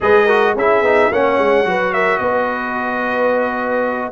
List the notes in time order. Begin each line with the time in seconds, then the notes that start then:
0.00 G#3 G#4 B4 D#5
0.25 F#4 A#4
0.55 C#4 E4 G#4 E5
0.81 B3 D#4
1.11 A#3 C#4 C#5 F#5
1.38 G#3
1.64 F#3 F#4 B4
1.93 A#4 E5
2.18 B3 B4 D#5